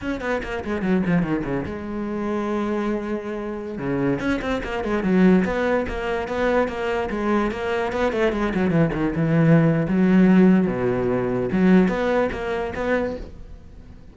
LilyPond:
\new Staff \with { instrumentName = "cello" } { \time 4/4 \tempo 4 = 146 cis'8 b8 ais8 gis8 fis8 f8 dis8 cis8 | gis1~ | gis4~ gis16 cis4 cis'8 c'8 ais8 gis16~ | gis16 fis4 b4 ais4 b8.~ |
b16 ais4 gis4 ais4 b8 a16~ | a16 gis8 fis8 e8 dis8 e4.~ e16 | fis2 b,2 | fis4 b4 ais4 b4 | }